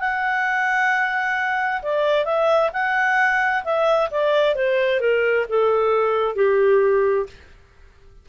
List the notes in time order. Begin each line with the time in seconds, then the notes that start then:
0.00 F#5
1.82 D5
2.25 E5
2.73 F#5
3.64 E5
4.11 D5
4.55 C5
5.01 A#4
5.49 A4
6.36 G4